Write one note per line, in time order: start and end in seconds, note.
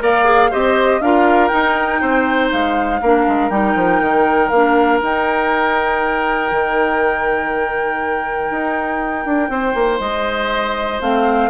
0.00 0.51 A#3
0.00 0.25 A#4
0.00 0.51 D5
0.00 0.53 F5
0.25 0.50 G#4
0.51 1.00 C4
0.51 1.02 G4
0.51 1.01 C5
0.51 1.01 D#5
1.00 1.50 D4
1.00 1.50 F4
1.00 2.01 A#4
1.00 1.48 F5
1.48 3.00 D#4
1.48 2.02 D#4
1.48 2.48 G5
2.01 2.52 C4
2.01 3.01 C5
2.52 3.02 G#3
2.52 3.50 F5
3.02 3.27 A#3
3.02 3.51 D4
3.02 9.51 A#4
3.28 3.50 G#3
3.50 3.75 G3
3.50 4.51 D#4
3.50 4.49 G5
3.76 4.01 F3
4.01 4.51 D#3
4.49 5.01 A#3
4.49 4.99 F5
4.56 5.03 D4
5.02 6.52 D#4
5.02 11.02 D#4
5.02 10.01 G5
6.52 8.51 D#3
8.51 9.25 D#4
9.25 9.49 D4
9.49 9.74 C4
9.49 11.50 C5
9.75 10.00 A#3
10.00 11.00 G#3
10.00 11.01 D#5
11.01 11.50 A3
11.01 11.50 C4
11.01 11.50 F5